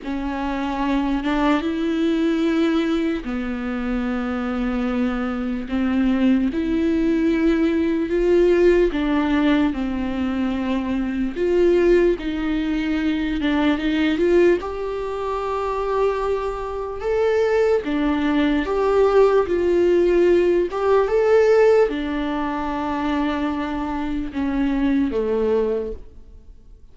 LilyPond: \new Staff \with { instrumentName = "viola" } { \time 4/4 \tempo 4 = 74 cis'4. d'8 e'2 | b2. c'4 | e'2 f'4 d'4 | c'2 f'4 dis'4~ |
dis'8 d'8 dis'8 f'8 g'2~ | g'4 a'4 d'4 g'4 | f'4. g'8 a'4 d'4~ | d'2 cis'4 a4 | }